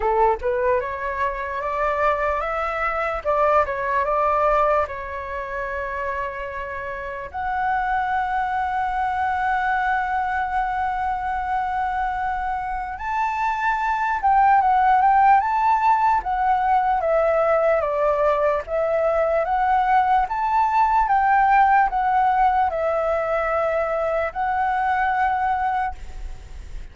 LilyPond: \new Staff \with { instrumentName = "flute" } { \time 4/4 \tempo 4 = 74 a'8 b'8 cis''4 d''4 e''4 | d''8 cis''8 d''4 cis''2~ | cis''4 fis''2.~ | fis''1 |
a''4. g''8 fis''8 g''8 a''4 | fis''4 e''4 d''4 e''4 | fis''4 a''4 g''4 fis''4 | e''2 fis''2 | }